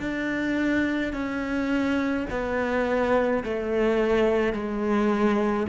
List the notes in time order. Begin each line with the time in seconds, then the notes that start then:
0.00 D4
1.14 C#4
2.31 B3
3.44 A3
4.53 G#3